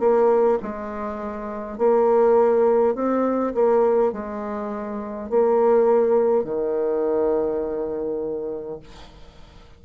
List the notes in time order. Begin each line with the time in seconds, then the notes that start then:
0.00 A#3
0.63 G#3
1.78 A#3
2.95 C4
3.55 A#3
4.13 G#3
5.30 A#3
6.44 D#3